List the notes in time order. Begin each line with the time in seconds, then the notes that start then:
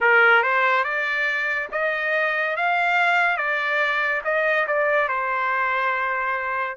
0.00 A#4
0.42 C5
0.84 D5
1.71 D#5
2.56 F5
3.37 D5
4.24 D#5
4.67 D5
5.08 C5